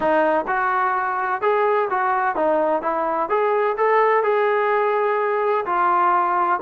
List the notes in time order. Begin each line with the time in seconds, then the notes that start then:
0.00 D#4
0.47 F#4
1.41 G#4
1.90 F#4
2.35 D#4
2.82 E4
3.29 G#4
3.77 A4
4.23 G#4
5.65 F4